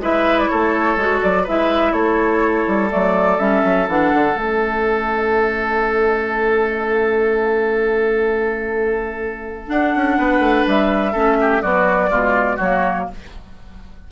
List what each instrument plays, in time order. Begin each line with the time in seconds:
0.00 bassoon G#3, clarinet E4, oboe B4, flute E5
0.39 flute D5
0.48 bassoon A3, oboe A4, flute C#5
0.97 bassoon G#3, clarinet F#4
1.23 bassoon F#3, flute D5
1.44 bassoon G#3, clarinet E4, oboe B4, flute E5
1.93 bassoon A3, oboe A4, flute C#5
2.68 bassoon G3
2.90 bassoon F#3, clarinet A3, flute D5
3.39 bassoon G3, clarinet C#4, flute E5
3.64 bassoon F#3
3.88 bassoon E3, clarinet D4, flute F#5
4.14 bassoon D3
4.35 bassoon A3, clarinet C#4, flute E5
9.67 clarinet D4, bassoon D4, flute F#5
9.96 bassoon C#4
10.18 bassoon B3, oboe B4
10.39 bassoon A3
10.67 bassoon G3, flute E5
11.13 bassoon A3, clarinet C#4, oboe A4
11.41 oboe G4
11.62 clarinet F#3, bassoon B3, oboe F#4, flute D5
12.10 bassoon B2, clarinet G#3, oboe F4
12.57 bassoon F#3, oboe F#4, flute C#5
12.63 clarinet A#3